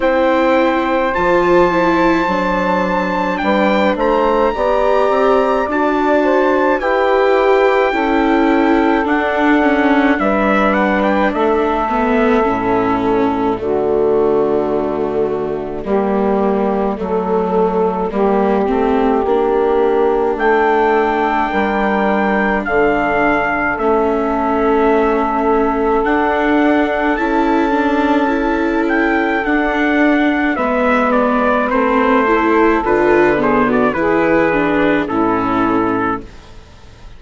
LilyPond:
<<
  \new Staff \with { instrumentName = "trumpet" } { \time 4/4 \tempo 4 = 53 g''4 a''2 g''8 ais''8~ | ais''4 a''4 g''2 | fis''4 e''8 fis''16 g''16 e''4. d''8~ | d''1~ |
d''2 g''2 | f''4 e''2 fis''4 | a''4. g''8 fis''4 e''8 d''8 | c''4 b'8 c''16 d''16 b'4 a'4 | }
  \new Staff \with { instrumentName = "saxophone" } { \time 4/4 c''2. b'8 c''8 | d''4. c''8 b'4 a'4~ | a'4 b'4 a'2 | fis'2 g'4 a'4 |
g'2 a'4 ais'4 | a'1~ | a'2. b'4~ | b'8 a'4 gis'16 fis'16 gis'4 e'4 | }
  \new Staff \with { instrumentName = "viola" } { \time 4/4 e'4 f'8 e'8 d'2 | g'4 fis'4 g'4 e'4 | d'8 cis'8 d'4. b8 cis'4 | a2 ais4 a4 |
ais8 c'8 d'2.~ | d'4 cis'2 d'4 | e'8 d'8 e'4 d'4 b4 | c'8 e'8 f'8 b8 e'8 d'8 cis'4 | }
  \new Staff \with { instrumentName = "bassoon" } { \time 4/4 c'4 f4 fis4 g8 a8 | b8 c'8 d'4 e'4 cis'4 | d'4 g4 a4 a,4 | d2 g4 fis4 |
g8 a8 ais4 a4 g4 | d4 a2 d'4 | cis'2 d'4 gis4 | a4 d4 e4 a,4 | }
>>